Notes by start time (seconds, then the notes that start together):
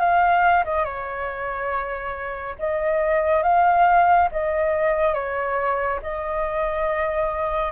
0.00 F5
0.65 D#5
0.85 C#5
2.59 D#5
3.43 F5
4.32 D#5
5.14 C#5
6.02 D#5